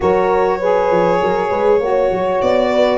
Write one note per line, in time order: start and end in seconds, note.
0.00 0.90 F#3
0.00 0.59 F#4
0.00 0.59 A#4
0.00 2.41 C#5
0.59 1.80 G#4
0.59 1.19 B4
0.90 1.20 F3
1.21 1.51 F#3
1.21 1.49 A#4
1.49 1.80 G#3
1.49 1.79 B4
1.79 2.10 A#3
1.79 2.98 F#4
1.79 2.69 C#5
2.10 2.41 F#3
2.41 2.98 B3
2.41 2.98 D5
2.71 2.98 B4